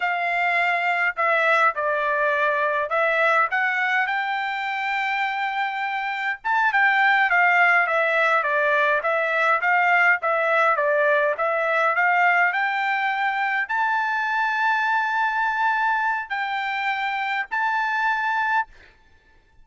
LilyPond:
\new Staff \with { instrumentName = "trumpet" } { \time 4/4 \tempo 4 = 103 f''2 e''4 d''4~ | d''4 e''4 fis''4 g''4~ | g''2. a''8 g''8~ | g''8 f''4 e''4 d''4 e''8~ |
e''8 f''4 e''4 d''4 e''8~ | e''8 f''4 g''2 a''8~ | a''1 | g''2 a''2 | }